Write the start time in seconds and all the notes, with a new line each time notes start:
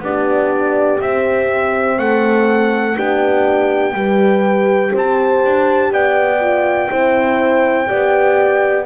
0.00 B3 D4 G4 D5
1.01 C4 E5
1.99 A3 A4 F#5
2.97 B3 D4 G4 G5
3.94 G3 G4 B4
4.92 C4 C5 A5
5.45 D4
5.92 B3 D5 G5
6.41 F4
6.90 C4 E4 C5
7.86 B3 G4 D5